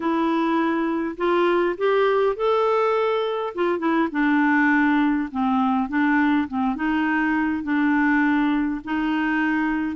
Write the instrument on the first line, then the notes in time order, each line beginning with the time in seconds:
clarinet
0.00 E4
1.17 F4
1.77 G4
2.35 A4
3.55 F4
3.78 E4
4.11 D4
5.31 C4
5.88 D4
6.48 C4
6.75 D#4
7.63 D4
8.84 D#4